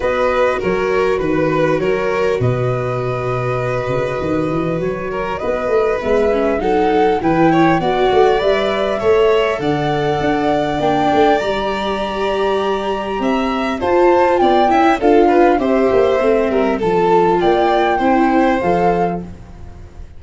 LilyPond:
<<
  \new Staff \with { instrumentName = "flute" } { \time 4/4 \tempo 4 = 100 dis''4 cis''4 b'4 cis''4 | dis''1 | cis''4 dis''4 e''4 fis''4 | g''4 fis''4 e''2 |
fis''2 g''4 ais''4~ | ais''2. a''4 | g''4 f''4 e''2 | a''4 g''2 f''4 | }
  \new Staff \with { instrumentName = "violin" } { \time 4/4 b'4 ais'4 b'4 ais'4 | b'1~ | b'8 ais'8 b'2 a'4 | b'8 cis''8 d''2 cis''4 |
d''1~ | d''2 e''4 c''4 | d''8 e''8 a'8 b'8 c''4. ais'8 | a'4 d''4 c''2 | }
  \new Staff \with { instrumentName = "viola" } { \time 4/4 fis'1~ | fis'1~ | fis'2 b8 cis'8 dis'4 | e'4 fis'4 b'4 a'4~ |
a'2 d'4 g'4~ | g'2. f'4~ | f'8 e'8 f'4 g'4 c'4 | f'2 e'4 a'4 | }
  \new Staff \with { instrumentName = "tuba" } { \time 4/4 b4 fis4 dis4 fis4 | b,2~ b,8 cis8 dis8 e8 | fis4 b8 a8 gis4 fis4 | e4 b8 a8 g4 a4 |
d4 d'4 ais8 a8 g4~ | g2 c'4 f'4 | b8 cis'8 d'4 c'8 ais8 a8 g8 | f4 ais4 c'4 f4 | }
>>